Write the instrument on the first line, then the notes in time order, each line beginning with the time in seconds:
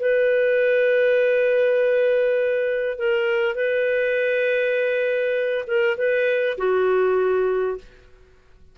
clarinet
0.00 B4
2.98 A#4
3.56 B4
5.68 A#4
5.98 B4
6.58 F#4